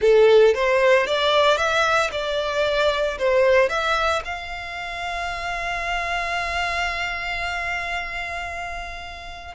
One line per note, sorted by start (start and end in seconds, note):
0.01 0.54 A4
0.54 1.06 C5
1.06 1.57 D5
1.57 2.10 E5
2.11 3.18 D5
3.18 3.69 C5
3.69 4.22 E5
4.25 9.54 F5